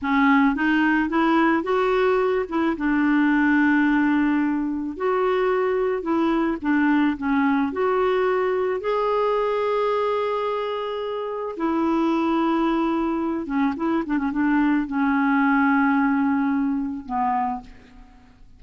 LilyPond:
\new Staff \with { instrumentName = "clarinet" } { \time 4/4 \tempo 4 = 109 cis'4 dis'4 e'4 fis'4~ | fis'8 e'8 d'2.~ | d'4 fis'2 e'4 | d'4 cis'4 fis'2 |
gis'1~ | gis'4 e'2.~ | e'8 cis'8 e'8 d'16 cis'16 d'4 cis'4~ | cis'2. b4 | }